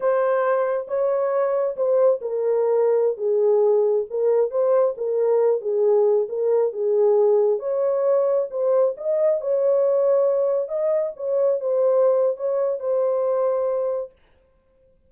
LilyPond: \new Staff \with { instrumentName = "horn" } { \time 4/4 \tempo 4 = 136 c''2 cis''2 | c''4 ais'2~ ais'16 gis'8.~ | gis'4~ gis'16 ais'4 c''4 ais'8.~ | ais'8. gis'4. ais'4 gis'8.~ |
gis'4~ gis'16 cis''2 c''8.~ | c''16 dis''4 cis''2~ cis''8.~ | cis''16 dis''4 cis''4 c''4.~ c''16 | cis''4 c''2. | }